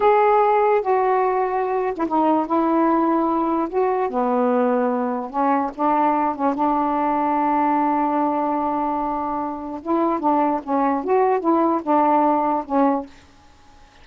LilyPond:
\new Staff \with { instrumentName = "saxophone" } { \time 4/4 \tempo 4 = 147 gis'2 fis'2~ | fis'8. e'16 dis'4 e'2~ | e'4 fis'4 b2~ | b4 cis'4 d'4. cis'8 |
d'1~ | d'1 | e'4 d'4 cis'4 fis'4 | e'4 d'2 cis'4 | }